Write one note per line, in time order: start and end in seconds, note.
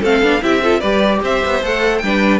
0.00 0.21 A3
0.00 0.23 C4
0.00 0.40 A4
0.00 0.42 F5
0.21 0.41 B3
0.21 0.41 D4
0.41 0.82 C4
0.41 0.61 E4
0.41 0.62 G4
0.41 0.80 E5
0.62 0.81 F4
0.62 0.79 A4
0.79 1.22 G3
0.79 1.61 G4
0.79 1.19 B4
0.79 1.20 D5
1.23 1.43 C4
1.23 2.03 C5
1.23 1.64 E5
1.45 1.62 B3
1.62 2.02 A3
1.62 2.02 A4
1.62 1.97 F#5
1.97 2.39 G3
1.97 2.39 D4
1.97 2.37 G5
2.04 2.39 B4